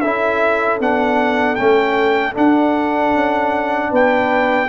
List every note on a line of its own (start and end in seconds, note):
0.00 0.80 C#4
0.00 0.80 E4
0.00 3.90 A4
0.00 0.78 E5
0.80 1.58 B3
0.80 1.57 D4
0.80 1.55 F#5
1.55 2.37 A3
1.55 2.33 C#4
1.55 2.33 G5
2.33 4.67 D4
2.33 3.14 D4
2.33 3.93 F#5
3.14 3.92 C#4
3.90 4.69 B3
3.90 4.68 B4
3.90 4.69 G5